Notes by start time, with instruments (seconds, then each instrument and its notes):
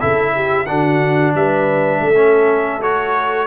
0.00 tuba C#3, trombone E4, horn A4, trumpet E5
0.35 horn G4
0.66 tuba D3, trombone D4, horn F#4, trumpet F#5
1.34 tuba G3, horn B4, trumpet E5
2.00 tuba A3, horn A4
2.15 trombone C#4
2.81 trombone F#4, trumpet C#5